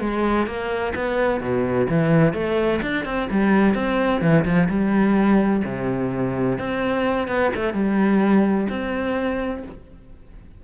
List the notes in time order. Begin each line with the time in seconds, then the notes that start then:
0.00 G#3
0.46 A#3
0.95 B3
1.40 B2
1.89 E3
2.33 A3
2.81 D4
3.05 C4
3.30 G3
3.75 C4
4.21 E3
4.45 F3
4.69 G3
5.64 C3
6.58 C4
7.27 B3
7.55 A3
7.73 G3
8.69 C4